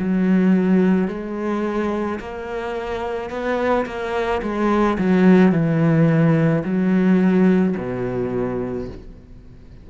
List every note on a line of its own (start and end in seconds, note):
0.00 1.09 F#3
1.09 2.20 G#3
2.20 3.31 A#3
3.31 3.86 B3
3.86 4.42 A#3
4.42 4.98 G#3
4.99 5.53 F#3
5.53 6.64 E3
6.64 7.75 F#3
7.78 8.89 B2